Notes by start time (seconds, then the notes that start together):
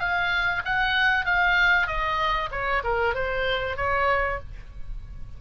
0.00 F5
0.65 F#5
1.26 F5
1.88 D#5
2.52 C#5
2.84 A#4
3.15 C5
3.77 C#5